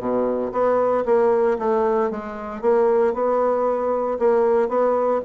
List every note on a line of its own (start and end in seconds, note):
0.00 0.52 B2
0.52 1.04 B3
1.06 1.58 A#3
1.59 2.11 A3
2.11 2.62 G#3
2.62 3.14 A#3
3.14 4.19 B3
4.20 4.69 A#3
4.69 5.21 B3